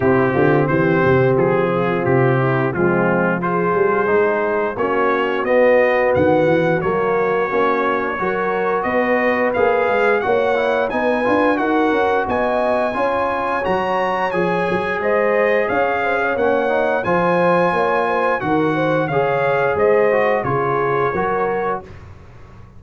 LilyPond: <<
  \new Staff \with { instrumentName = "trumpet" } { \time 4/4 \tempo 4 = 88 g'4 c''4 gis'4 g'4 | f'4 c''2 cis''4 | dis''4 fis''4 cis''2~ | cis''4 dis''4 f''4 fis''4 |
gis''4 fis''4 gis''2 | ais''4 gis''4 dis''4 f''4 | fis''4 gis''2 fis''4 | f''4 dis''4 cis''2 | }
  \new Staff \with { instrumentName = "horn" } { \time 4/4 e'8 f'8 g'4. f'4 e'8 | c'4 gis'2 fis'4~ | fis'1 | ais'4 b'2 cis''4 |
b'4 ais'4 dis''4 cis''4~ | cis''2 c''4 cis''8 c''16 cis''16~ | cis''4 c''4 cis''8 c''8 ais'8 c''8 | cis''4 c''4 gis'4 ais'4 | }
  \new Staff \with { instrumentName = "trombone" } { \time 4/4 c'1 | gis4 f'4 dis'4 cis'4 | b2 ais4 cis'4 | fis'2 gis'4 fis'8 e'8 |
dis'8 f'8 fis'2 f'4 | fis'4 gis'2. | cis'8 dis'8 f'2 fis'4 | gis'4. fis'8 f'4 fis'4 | }
  \new Staff \with { instrumentName = "tuba" } { \time 4/4 c8 d8 e8 c8 f4 c4 | f4. g8 gis4 ais4 | b4 dis8 e8 fis4 ais4 | fis4 b4 ais8 gis8 ais4 |
b8 d'8 dis'8 cis'8 b4 cis'4 | fis4 f8 fis8 gis4 cis'4 | ais4 f4 ais4 dis4 | cis4 gis4 cis4 fis4 | }
>>